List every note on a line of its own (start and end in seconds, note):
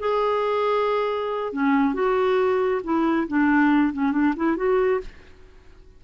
0.00 1.53 G#4
1.53 1.94 C#4
1.94 2.82 F#4
2.84 3.28 E4
3.28 3.93 D4
3.93 4.12 C#4
4.12 4.34 D4
4.37 4.57 E4
4.57 5.01 F#4